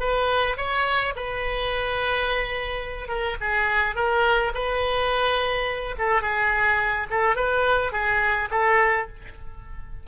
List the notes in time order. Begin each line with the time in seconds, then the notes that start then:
0.00 B4
0.57 C#5
1.16 B4
3.08 A#4
3.41 G#4
3.95 A#4
4.54 B4
5.98 A4
6.22 G#4
7.10 A4
7.36 B4
7.92 G#4
8.51 A4